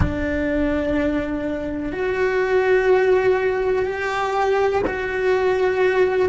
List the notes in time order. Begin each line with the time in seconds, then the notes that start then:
0.00 D4
1.92 F#4
3.85 G4
4.86 F#4